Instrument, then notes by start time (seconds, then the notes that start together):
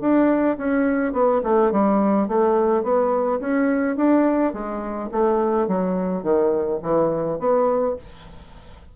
bassoon
0.00 D4
0.57 C#4
1.13 B3
1.43 A3
1.71 G3
2.28 A3
2.83 B3
3.40 C#4
3.96 D4
4.53 G#3
5.11 A3
5.68 F#3
6.23 D#3
6.82 E3
7.39 B3